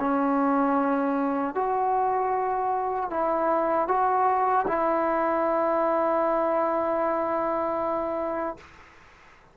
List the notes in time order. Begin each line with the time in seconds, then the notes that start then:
0.00 C#4
1.55 F#4
3.10 E4
3.88 F#4
4.68 E4